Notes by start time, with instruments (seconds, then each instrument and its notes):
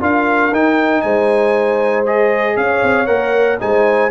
0.00 tuba D4, trombone F4, horn A#4, trumpet F5
0.52 tuba D#4, trombone D#4, trumpet G5
1.01 tuba G#3, horn C5, trumpet G#5
2.06 trombone G#4, trumpet D#5
2.57 tuba C#4, horn C#5, trumpet F5
2.83 tuba C4
3.07 tuba A#3, trombone A#4, trumpet F#5
3.59 tuba G#3, trombone D#4, horn C5, trumpet G#5